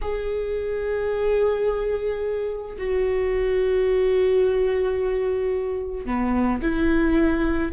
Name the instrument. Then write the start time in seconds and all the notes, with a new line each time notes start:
viola
0.01 G#4
2.77 F#4
6.06 B3
6.62 E4